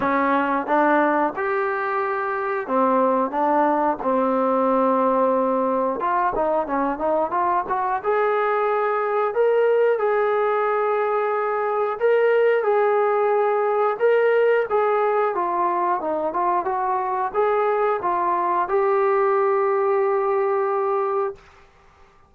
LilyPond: \new Staff \with { instrumentName = "trombone" } { \time 4/4 \tempo 4 = 90 cis'4 d'4 g'2 | c'4 d'4 c'2~ | c'4 f'8 dis'8 cis'8 dis'8 f'8 fis'8 | gis'2 ais'4 gis'4~ |
gis'2 ais'4 gis'4~ | gis'4 ais'4 gis'4 f'4 | dis'8 f'8 fis'4 gis'4 f'4 | g'1 | }